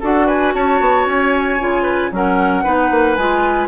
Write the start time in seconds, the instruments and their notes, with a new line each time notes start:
0.00 bassoon D4, clarinet F#4, oboe A4, flute F#5
0.26 oboe B4, flute G#5
0.54 bassoon C#4, oboe C#5, flute A5
0.80 bassoon B3
1.06 bassoon C#4, flute G#5
1.59 bassoon C#3, clarinet F4
1.82 oboe B4
2.11 bassoon F#3, clarinet C#4, oboe A#4, flute F#5
2.63 bassoon B3, clarinet D#4, oboe B4
2.90 bassoon A#3
3.15 bassoon G#3, clarinet F4, flute G#5